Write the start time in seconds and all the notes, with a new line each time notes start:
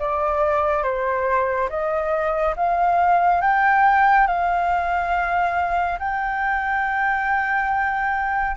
0.00 D5
0.84 C5
1.70 D#5
2.57 F5
3.42 G5
4.27 F5
6.00 G5